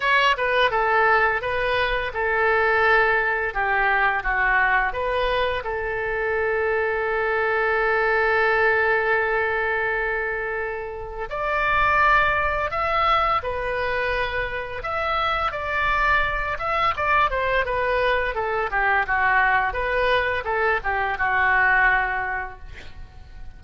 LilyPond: \new Staff \with { instrumentName = "oboe" } { \time 4/4 \tempo 4 = 85 cis''8 b'8 a'4 b'4 a'4~ | a'4 g'4 fis'4 b'4 | a'1~ | a'1 |
d''2 e''4 b'4~ | b'4 e''4 d''4. e''8 | d''8 c''8 b'4 a'8 g'8 fis'4 | b'4 a'8 g'8 fis'2 | }